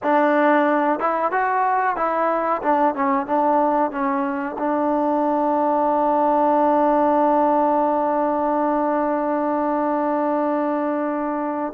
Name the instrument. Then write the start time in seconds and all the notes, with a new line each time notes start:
trombone
0.03 D4
0.99 E4
1.31 F#4
1.96 E4
2.62 D4
2.95 C#4
3.26 D4
3.91 C#4
4.58 D4